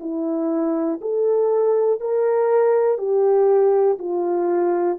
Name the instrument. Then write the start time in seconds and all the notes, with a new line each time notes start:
horn
0.00 E4
1.01 A4
2.00 A#4
2.98 G4
3.99 F4